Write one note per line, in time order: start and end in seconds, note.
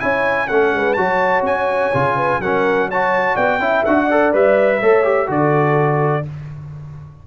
0.00 0.51 C#4
0.00 0.48 E4
0.00 0.50 C#5
0.00 0.48 G#5
0.48 0.73 A3
0.48 0.97 C#4
0.48 0.75 A4
0.48 0.93 F#5
0.73 0.97 G#3
0.73 0.99 B4
0.93 1.43 F#3
0.93 1.93 F#4
0.93 2.16 C#5
0.93 1.41 A5
1.43 1.91 C#4
1.43 2.41 G#5
1.94 2.39 C#3
1.94 2.42 F4
2.16 2.40 B4
2.39 3.35 F#3
2.39 2.92 C#4
2.39 2.89 A#4
2.39 2.89 F#5
2.89 3.60 F#4
2.89 3.35 C#5
2.89 3.36 A5
3.35 3.59 B3
3.35 3.59 D5
3.35 3.84 G5
3.59 3.83 C#4
3.59 3.85 E4
3.59 4.05 E5
3.85 4.33 D4
3.85 4.11 F#4
3.85 4.33 F#5
4.05 4.34 A4
4.05 4.78 D5
4.33 4.81 G3
4.33 4.82 B4
4.33 5.31 E5
4.80 5.29 A3
4.80 5.04 A4
4.80 5.28 C#5
5.04 5.27 G4
5.27 6.25 D3
5.27 6.23 F#4
5.27 6.25 A4
5.27 6.27 D5